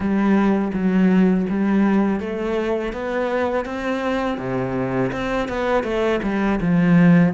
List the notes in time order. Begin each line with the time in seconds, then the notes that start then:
0.00 G3
0.73 F#3
1.49 G3
2.20 A3
2.93 B3
3.65 C4
4.38 C3
5.12 C4
5.48 B3
5.83 A3
6.23 G3
6.60 F3